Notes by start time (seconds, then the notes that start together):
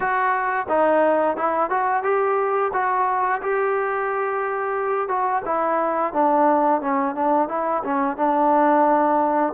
0.00 F#4
0.68 D#4
1.36 E4
1.70 F#4
2.03 G4
2.73 F#4
3.42 G4
5.08 F#4
5.45 E4
6.13 D4
6.81 C#4
7.15 D4
7.48 E4
7.83 C#4
8.16 D4